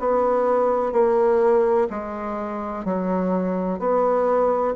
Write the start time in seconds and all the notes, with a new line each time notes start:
0.00 B3
0.93 A#3
1.90 G#3
2.85 F#3
3.80 B3